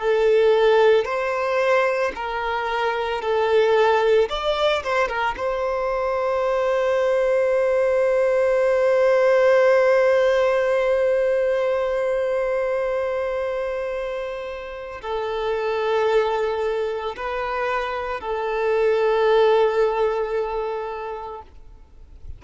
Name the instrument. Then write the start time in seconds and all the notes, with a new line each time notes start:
violin
0.00 A4
1.05 C5
2.15 A#4
3.22 A4
4.30 D5
4.84 C5
5.08 A#4
5.37 C5
15.02 A4
17.17 B4
18.21 A4